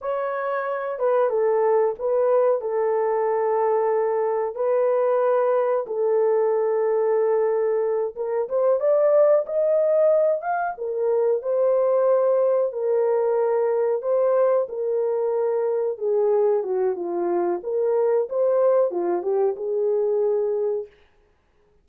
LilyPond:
\new Staff \with { instrumentName = "horn" } { \time 4/4 \tempo 4 = 92 cis''4. b'8 a'4 b'4 | a'2. b'4~ | b'4 a'2.~ | a'8 ais'8 c''8 d''4 dis''4. |
f''8 ais'4 c''2 ais'8~ | ais'4. c''4 ais'4.~ | ais'8 gis'4 fis'8 f'4 ais'4 | c''4 f'8 g'8 gis'2 | }